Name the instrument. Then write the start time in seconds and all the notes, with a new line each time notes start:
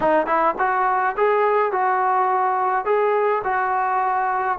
trombone
0.00 D#4
0.26 E4
0.58 F#4
1.16 G#4
1.71 F#4
2.85 G#4
3.44 F#4